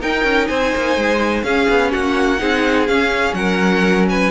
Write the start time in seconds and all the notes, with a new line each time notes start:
0.00 D#4 A#4 G5
0.24 C#4
0.47 C4 C5 G#5
0.75 A#3
0.96 G#3
1.43 C#4 G#4 F5
1.69 B3
1.92 A#3 F#4 F#5
2.38 C4 D#4 G#4
2.87 C#4 F5
3.33 F#3 A#4 F#5
4.09 B4 G#5